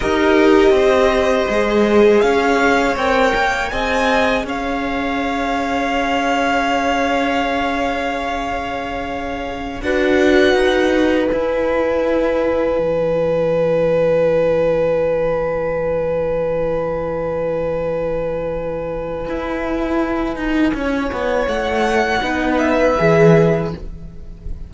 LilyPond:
<<
  \new Staff \with { instrumentName = "violin" } { \time 4/4 \tempo 4 = 81 dis''2. f''4 | g''4 gis''4 f''2~ | f''1~ | f''4~ f''16 fis''2 gis''8.~ |
gis''1~ | gis''1~ | gis''1~ | gis''4 fis''4. e''4. | }
  \new Staff \with { instrumentName = "violin" } { \time 4/4 ais'4 c''2 cis''4~ | cis''4 dis''4 cis''2~ | cis''1~ | cis''4~ cis''16 b'2~ b'8.~ |
b'1~ | b'1~ | b'1 | cis''2 b'2 | }
  \new Staff \with { instrumentName = "viola" } { \time 4/4 g'2 gis'2 | ais'4 gis'2.~ | gis'1~ | gis'4~ gis'16 fis'2 e'8.~ |
e'1~ | e'1~ | e'1~ | e'2 dis'4 gis'4 | }
  \new Staff \with { instrumentName = "cello" } { \time 4/4 dis'4 c'4 gis4 cis'4 | c'8 ais8 c'4 cis'2~ | cis'1~ | cis'4~ cis'16 d'4 dis'4 e'8.~ |
e'4~ e'16 e2~ e8.~ | e1~ | e2 e'4. dis'8 | cis'8 b8 a4 b4 e4 | }
>>